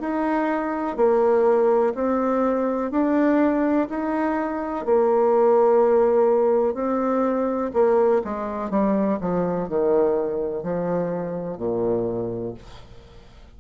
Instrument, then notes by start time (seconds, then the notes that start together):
bassoon
0.00 D#4
0.96 A#3
1.94 C4
2.91 D4
3.89 D#4
4.86 A#3
6.74 C4
7.73 A#3
8.24 G#3
8.70 G3
9.20 F3
9.69 D#3
10.63 F3
11.57 A#2